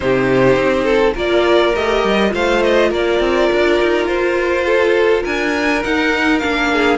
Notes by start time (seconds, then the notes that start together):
0.00 C3 D#4 G4 C5
0.56 C4
0.84 A4
1.14 A#3 F4 A#4 D5
1.75 A3 G4 D#5
2.04 G3
2.29 A3 F4 C5 F5
2.62 D#5
2.89 A#3 A#4 D5
3.20 C4
3.52 D4
3.81 D#4
4.05 F4 C5
4.65 A4
5.23 D4 A#4 G#5
5.82 D#4 F#5
6.39 A#3 D4 F5
6.72 G#4